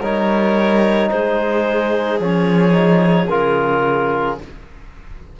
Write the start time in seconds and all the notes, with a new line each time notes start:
0.00 G3 D#4 A#4 C#5
1.10 G#3 G#4 C5
2.20 F3 C#4 C#5
2.71 D#4
3.29 C#3 F4 A#4